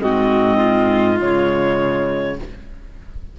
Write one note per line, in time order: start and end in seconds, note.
0.00 1.21 G#2
0.00 1.16 C4
0.00 0.57 F#4
0.00 1.18 D#5
0.57 2.33 F4
1.16 2.39 C#3
1.16 2.34 G#3
1.16 2.39 C#5